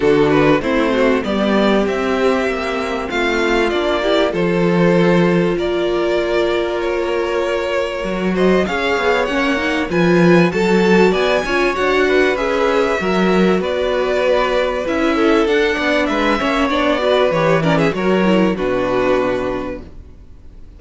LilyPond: <<
  \new Staff \with { instrumentName = "violin" } { \time 4/4 \tempo 4 = 97 a'8 b'8 c''4 d''4 e''4~ | e''4 f''4 d''4 c''4~ | c''4 d''2 cis''4~ | cis''4. dis''8 f''4 fis''4 |
gis''4 a''4 gis''4 fis''4 | e''2 d''2 | e''4 fis''4 e''4 d''4 | cis''8 d''16 e''16 cis''4 b'2 | }
  \new Staff \with { instrumentName = "violin" } { \time 4/4 fis'4 e'8 fis'8 g'2~ | g'4 f'4. g'8 a'4~ | a'4 ais'2.~ | ais'4. c''8 cis''2 |
b'4 a'4 d''8 cis''4 b'8~ | b'4 ais'4 b'2~ | b'8 a'4 d''8 b'8 cis''4 b'8~ | b'8 ais'16 gis'16 ais'4 fis'2 | }
  \new Staff \with { instrumentName = "viola" } { \time 4/4 d'4 c'4 b4 c'4~ | c'2 d'8 e'8 f'4~ | f'1~ | f'4 fis'4 gis'4 cis'8 dis'8 |
f'4 fis'4. f'8 fis'4 | gis'4 fis'2. | e'4 d'4. cis'8 d'8 fis'8 | g'8 cis'8 fis'8 e'8 d'2 | }
  \new Staff \with { instrumentName = "cello" } { \time 4/4 d4 a4 g4 c'4 | ais4 a4 ais4 f4~ | f4 ais2.~ | ais4 fis4 cis'8 b8 ais4 |
f4 fis4 b8 cis'8 d'4 | cis'4 fis4 b2 | cis'4 d'8 b8 gis8 ais8 b4 | e4 fis4 b,2 | }
>>